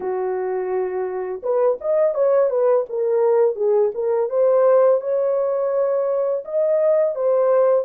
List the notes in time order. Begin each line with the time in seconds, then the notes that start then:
0.00 F#4
1.43 B4
1.81 D#5
2.14 C#5
2.49 B4
2.89 A#4
3.55 G#4
3.94 A#4
4.29 C5
5.01 C#5
6.44 D#5
7.15 C5